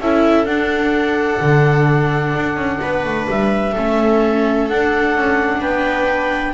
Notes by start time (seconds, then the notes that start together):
0.00 C#4 E4 A4 E5
0.46 D4 F#5
1.41 D3
2.35 D4
2.56 C#4
2.82 B3 B4
3.05 A3
3.30 G3 E5
3.72 A3 C#4 A4
4.69 D4 F#5
5.16 C#4
5.61 B3 B4 G5